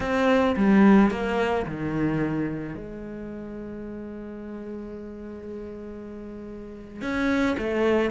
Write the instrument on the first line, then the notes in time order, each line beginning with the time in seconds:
cello
0.00 C4
0.56 G3
1.10 A#3
1.66 D#3
2.74 G#3
7.01 C#4
7.57 A3